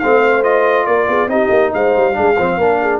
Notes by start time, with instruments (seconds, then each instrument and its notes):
0.00 tuba A3, trombone C4, horn C5, trumpet F5
0.43 trombone F4, trumpet D#5
0.86 tuba A#3, horn A#4, trumpet D5
1.08 tuba B3, horn G#4
1.27 tuba C4, trombone D#4, horn G4, trumpet D#5
1.50 tuba A#3
1.74 tuba G#3, horn C5, trumpet F5
1.96 tuba G3
2.13 tuba G#3, trombone D4, horn G#4
2.38 tuba F3, trombone C4, horn C5
2.58 tuba A#3, trombone D4, horn A#4
2.82 horn G#4